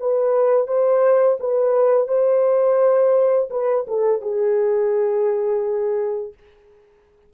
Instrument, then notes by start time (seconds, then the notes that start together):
horn
0.00 B4
0.67 C5
1.40 B4
2.08 C5
3.50 B4
3.87 A4
4.22 G#4